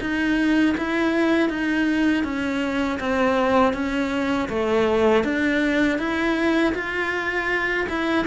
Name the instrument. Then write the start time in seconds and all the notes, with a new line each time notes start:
cello
0.00 D#4
0.77 E4
1.49 D#4
2.23 C#4
2.99 C4
3.73 C#4
4.49 A3
5.24 D4
5.98 E4
6.74 F4
7.89 E4